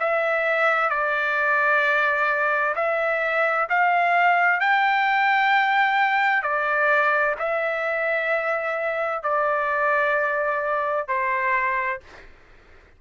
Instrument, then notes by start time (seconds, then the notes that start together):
trumpet
0.00 E5
0.90 D5
2.76 E5
3.70 F5
4.61 G5
6.43 D5
7.39 E5
9.23 D5
11.08 C5